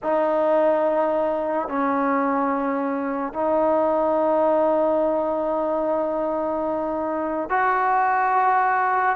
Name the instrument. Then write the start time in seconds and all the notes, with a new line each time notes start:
trombone
0.02 D#4
1.68 C#4
3.33 D#4
7.49 F#4